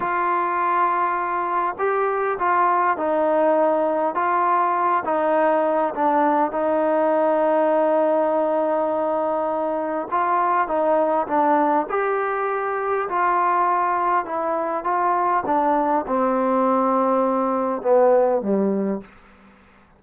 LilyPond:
\new Staff \with { instrumentName = "trombone" } { \time 4/4 \tempo 4 = 101 f'2. g'4 | f'4 dis'2 f'4~ | f'8 dis'4. d'4 dis'4~ | dis'1~ |
dis'4 f'4 dis'4 d'4 | g'2 f'2 | e'4 f'4 d'4 c'4~ | c'2 b4 g4 | }